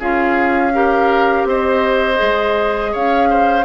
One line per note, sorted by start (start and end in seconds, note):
0.00 1.45 C#4
0.00 0.73 F4
0.00 0.73 G#4
0.00 1.48 F5
0.73 2.17 G4
0.73 1.49 A#4
1.45 2.18 C4
1.45 2.92 C5
1.45 2.95 D#5
2.17 2.95 G#3
2.17 3.63 G#4
2.92 3.66 C#4
2.92 3.29 C#5
2.92 3.66 F5
3.30 3.66 C5